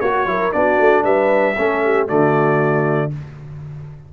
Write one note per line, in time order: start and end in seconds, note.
0.00 0.26 A#3
0.00 0.26 F#4
0.00 0.29 F#4
0.00 0.52 C#5
0.26 0.51 F#3
0.26 0.52 E4
0.26 0.56 A#4
0.52 0.79 B3
0.52 1.55 D4
0.52 1.03 F#4
0.52 1.04 D5
0.79 1.04 A3
1.03 1.56 G3
1.03 1.55 B4
1.03 2.08 E5
1.58 2.10 A3
1.58 2.07 C#4
1.58 1.84 A4
1.84 2.07 G4
2.07 3.13 D3
2.07 3.11 A3
2.07 3.10 F#4
2.07 3.12 D5